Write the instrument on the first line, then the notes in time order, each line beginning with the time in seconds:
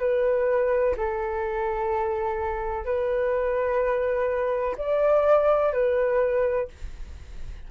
flute
0.00 B4
0.97 A4
2.85 B4
4.78 D5
5.73 B4